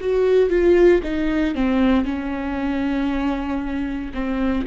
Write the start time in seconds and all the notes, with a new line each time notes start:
0.00 F#4
0.50 F4
1.03 D#4
1.55 C4
2.05 C#4
4.14 C4